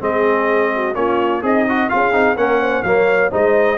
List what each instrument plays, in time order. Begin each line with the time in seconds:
0.00 tuba G#3, trombone C4, horn G#4, trumpet D#5
0.75 horn F#4
0.95 tuba A#3, trombone C#4, horn F4, trumpet C#5
1.42 tuba C4, horn D#4, trombone G#4, trumpet D#5
1.68 trombone F#4
1.89 tuba C#4, trombone F4, horn G#4, trumpet F5
2.12 tuba C4, trombone D#4
2.36 tuba A#3, trombone C#4, horn A#4, trumpet F#5
2.61 horn C5
2.83 tuba F#3, trombone A#3, horn C#5, trumpet F5
3.31 tuba G#3, trombone D#4, horn C5, trumpet D#5